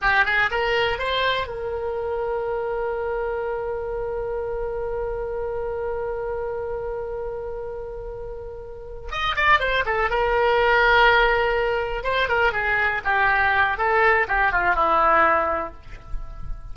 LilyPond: \new Staff \with { instrumentName = "oboe" } { \time 4/4 \tempo 4 = 122 g'8 gis'8 ais'4 c''4 ais'4~ | ais'1~ | ais'1~ | ais'1~ |
ais'2~ ais'8 dis''8 d''8 c''8 | a'8 ais'2.~ ais'8~ | ais'8 c''8 ais'8 gis'4 g'4. | a'4 g'8 f'8 e'2 | }